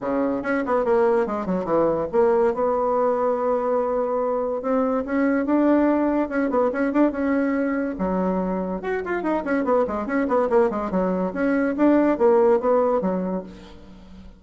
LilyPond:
\new Staff \with { instrumentName = "bassoon" } { \time 4/4 \tempo 4 = 143 cis4 cis'8 b8 ais4 gis8 fis8 | e4 ais4 b2~ | b2. c'4 | cis'4 d'2 cis'8 b8 |
cis'8 d'8 cis'2 fis4~ | fis4 fis'8 f'8 dis'8 cis'8 b8 gis8 | cis'8 b8 ais8 gis8 fis4 cis'4 | d'4 ais4 b4 fis4 | }